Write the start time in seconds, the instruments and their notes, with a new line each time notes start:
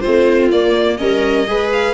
0.00 viola C4 F4, violin C5
0.06 tuba A3
0.52 tuba A#3, viola A#3, violin D5
0.97 tuba G3, viola C#4 A#4, violin D#5
1.47 tuba G#3, viola G#4 B4
1.73 violin F5